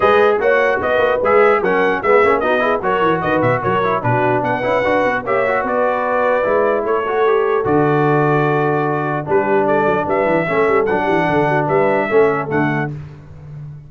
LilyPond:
<<
  \new Staff \with { instrumentName = "trumpet" } { \time 4/4 \tempo 4 = 149 dis''4 fis''4 dis''4 e''4 | fis''4 e''4 dis''4 cis''4 | dis''8 e''8 cis''4 b'4 fis''4~ | fis''4 e''4 d''2~ |
d''4 cis''2 d''4~ | d''2. b'4 | d''4 e''2 fis''4~ | fis''4 e''2 fis''4 | }
  \new Staff \with { instrumentName = "horn" } { \time 4/4 b'4 cis''4 b'2 | ais'4 gis'4 fis'8 gis'8 ais'4 | b'4 ais'4 fis'4 b'4~ | b'4 cis''4 b'2~ |
b'4 a'2.~ | a'2. g'4 | a'4 b'4 a'4. g'8 | a'8 fis'8 b'4 a'2 | }
  \new Staff \with { instrumentName = "trombone" } { \time 4/4 gis'4 fis'2 gis'4 | cis'4 b8 cis'8 dis'8 e'8 fis'4~ | fis'4. e'8 d'4. e'8 | fis'4 g'8 fis'2~ fis'8 |
e'4. fis'8 g'4 fis'4~ | fis'2. d'4~ | d'2 cis'4 d'4~ | d'2 cis'4 a4 | }
  \new Staff \with { instrumentName = "tuba" } { \time 4/4 gis4 ais4 b8 ais8 gis4 | fis4 gis8 ais8 b4 fis8 e8 | dis8 b,8 fis4 b,4 b8 cis'8 | d'8 b8 ais4 b2 |
gis4 a2 d4~ | d2. g4~ | g8 fis8 g8 e8 a8 g8 fis8 e8 | d4 g4 a4 d4 | }
>>